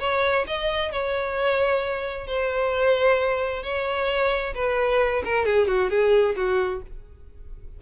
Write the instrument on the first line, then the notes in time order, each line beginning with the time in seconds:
violin
0.00 C#5
0.47 D#5
0.92 C#5
2.27 C5
3.63 C#5
4.55 B4
5.25 A#4
5.46 G#4
5.68 F#4
5.90 G#4
6.36 F#4